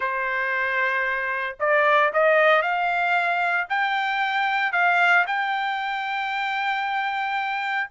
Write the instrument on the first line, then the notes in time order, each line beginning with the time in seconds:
trumpet
0.00 C5
1.59 D5
2.13 D#5
2.62 F5
3.69 G5
4.72 F5
5.26 G5